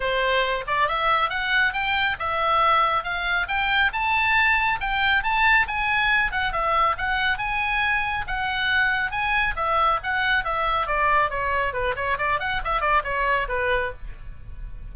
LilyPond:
\new Staff \with { instrumentName = "oboe" } { \time 4/4 \tempo 4 = 138 c''4. d''8 e''4 fis''4 | g''4 e''2 f''4 | g''4 a''2 g''4 | a''4 gis''4. fis''8 e''4 |
fis''4 gis''2 fis''4~ | fis''4 gis''4 e''4 fis''4 | e''4 d''4 cis''4 b'8 cis''8 | d''8 fis''8 e''8 d''8 cis''4 b'4 | }